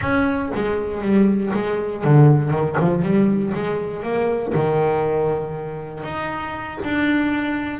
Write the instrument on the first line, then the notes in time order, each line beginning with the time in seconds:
double bass
0.01 C#4
0.55 G#3
1.01 G3
1.53 G#3
2.04 D3
2.50 D#3
2.79 F3
3.02 G3
3.53 G#3
4.02 A#3
4.54 D#3
6.03 D#4
6.84 D4